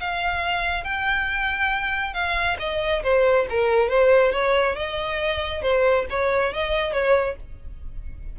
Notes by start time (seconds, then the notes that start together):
0.00 F5
0.84 G5
2.14 F5
2.60 D#5
3.03 C5
3.50 A#4
3.89 C5
4.32 C#5
4.76 D#5
5.62 C5
6.10 C#5
6.53 D#5
6.93 C#5